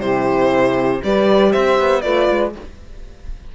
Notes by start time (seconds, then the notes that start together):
0.00 C3 E4 G4 C5
1.03 G3 G4 B4 D5
1.51 C4 C5 E5
1.79 B3
2.01 A3 F4 B4 D5
2.30 G#3